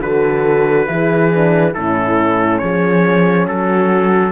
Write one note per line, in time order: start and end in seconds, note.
0.00 0.87 D3
0.00 0.87 F#4
0.00 0.87 A4
0.00 1.74 B4
0.87 1.76 E3
0.87 1.30 E4
0.87 1.73 G#4
1.30 1.74 D4
1.73 2.62 A2
1.73 4.31 C#4
1.73 2.60 E4
1.73 2.59 A4
2.59 3.47 F3
2.59 3.48 G#4
2.59 3.45 C#5
3.47 4.31 F#3
3.47 4.31 F#4
3.47 4.31 A4